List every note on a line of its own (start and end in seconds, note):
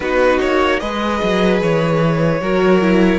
0.00 0.40 B3
0.00 0.80 D#4
0.00 0.80 F#4
0.00 0.39 B4
0.40 0.81 A#3
0.40 0.79 C#5
0.79 1.21 G#3
0.79 2.40 G#4
0.79 2.40 B4
0.79 1.59 D#5
1.23 1.61 F#3
1.61 2.40 E3
1.61 3.19 C#5
2.40 3.19 F#3
2.40 2.81 F#4
2.40 3.19 A#4
2.81 3.19 E4